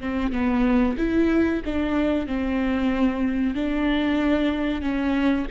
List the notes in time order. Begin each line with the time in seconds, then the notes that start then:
0.00 C4
0.32 B3
0.98 E4
1.65 D4
2.27 C4
3.55 D4
4.81 C#4